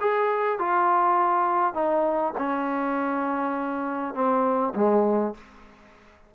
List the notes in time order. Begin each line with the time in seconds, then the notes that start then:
0.00 G#4
0.58 F4
1.74 D#4
2.37 C#4
4.14 C4
4.75 G#3